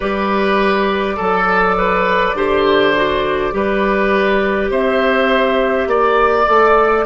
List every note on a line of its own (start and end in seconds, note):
0.00 1.18 G3
0.00 1.18 G4
0.00 1.16 B4
0.00 4.68 D5
1.16 2.34 F#3
1.16 1.75 A4
1.16 2.36 A4
1.77 2.36 B4
2.34 3.51 D3
2.34 2.94 G4
2.34 3.53 C5
2.95 3.51 F#4
3.51 4.70 G3
3.51 6.45 G4
3.51 4.70 B4
4.70 5.87 C4
4.70 5.88 C5
4.70 5.89 E5
5.87 6.45 A#3
5.87 7.05 D5
6.47 7.05 A3
6.47 7.05 A4